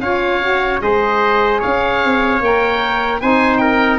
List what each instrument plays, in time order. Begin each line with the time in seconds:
0.00 tuba C#4, saxophone F4, trumpet C#5, oboe F5
0.41 saxophone F#4
0.80 tuba G#3, saxophone G#4, trumpet C5, oboe D#5
1.60 tuba C#4, trumpet C#5, oboe F5
2.04 tuba C4
2.40 tuba A#3, saxophone A#4, oboe G5
3.21 tuba C4, saxophone D#4, trumpet C5, oboe G#5
3.58 trumpet A#4, oboe G5